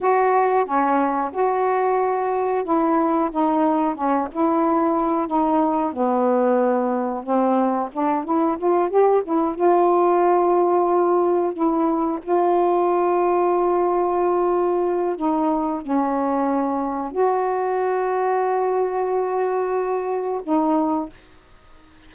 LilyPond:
\new Staff \with { instrumentName = "saxophone" } { \time 4/4 \tempo 4 = 91 fis'4 cis'4 fis'2 | e'4 dis'4 cis'8 e'4. | dis'4 b2 c'4 | d'8 e'8 f'8 g'8 e'8 f'4.~ |
f'4. e'4 f'4.~ | f'2. dis'4 | cis'2 fis'2~ | fis'2. dis'4 | }